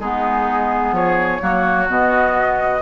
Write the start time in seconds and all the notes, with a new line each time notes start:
0.00 G#3 B3 D#4 G#4
0.92 F3 G#4 C#5
1.41 F#3 A#3 F#4
1.88 B2 B3 D#5